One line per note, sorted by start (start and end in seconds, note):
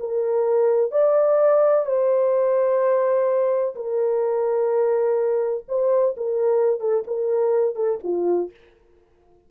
0.00 0.91 A#4
0.91 1.86 D5
1.86 3.75 C5
3.75 5.64 A#4
5.68 6.15 C5
6.17 6.80 A#4
6.80 7.04 A4
7.07 7.75 A#4
7.75 7.99 A4
8.04 8.51 F4